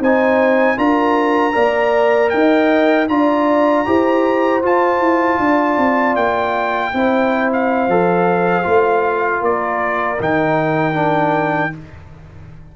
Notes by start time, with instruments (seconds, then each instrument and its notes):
0.00 tuba C4, trombone D#4, horn C5, trumpet G#5
0.77 tuba D4, trombone F4, horn A#4, trumpet A#5
1.52 tuba A#3, trombone A#4, horn D5
2.30 tuba D#4, horn D#5, trumpet G5
3.08 tuba D4, trombone F4, horn D5, trumpet A#5
3.86 tuba E4, trombone G4, horn C5
4.62 trombone F4, tuba F4, trumpet A5
5.00 tuba E4
5.39 tuba D4, horn D5
5.78 tuba C4
6.16 tuba A#3, trumpet G5
6.94 tuba C4, trombone E4, horn C5
7.53 trumpet F5
7.88 tuba F3, trombone A4
8.63 tuba A3, trombone F4
9.39 tuba A#3, horn A#4, trumpet D5
10.20 tuba D#3, trombone D#4, trumpet G5
10.94 trombone D4